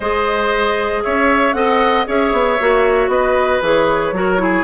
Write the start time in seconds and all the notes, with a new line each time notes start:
0.00 G#3 G#4 C5 D#5
1.03 C#4 C#5 E5
1.53 C4 A4 D#5 F#5
2.06 C#4 G#4 C#5 E5
2.32 B3
2.59 A#3 F#4
3.08 B3 B4 D#5
3.61 E3 G#4 C#5
4.11 F#3 F#4 A#4
4.38 E4 G#4